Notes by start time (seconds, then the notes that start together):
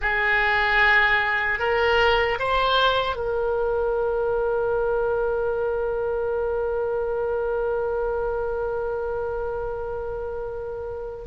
0.01 G#4
1.59 A#4
2.39 C5
3.15 A#4